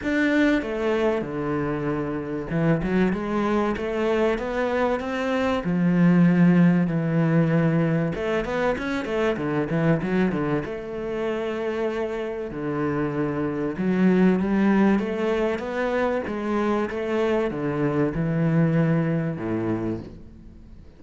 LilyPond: \new Staff \with { instrumentName = "cello" } { \time 4/4 \tempo 4 = 96 d'4 a4 d2 | e8 fis8 gis4 a4 b4 | c'4 f2 e4~ | e4 a8 b8 cis'8 a8 d8 e8 |
fis8 d8 a2. | d2 fis4 g4 | a4 b4 gis4 a4 | d4 e2 a,4 | }